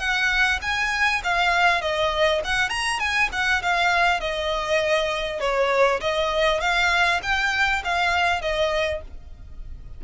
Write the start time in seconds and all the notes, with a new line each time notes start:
0.00 F#5
0.62 G#5
1.24 F5
1.82 D#5
2.45 F#5
2.70 A#5
3.00 G#5
3.33 F#5
3.63 F5
4.21 D#5
5.41 C#5
6.01 D#5
6.61 F5
7.23 G5
7.85 F5
8.42 D#5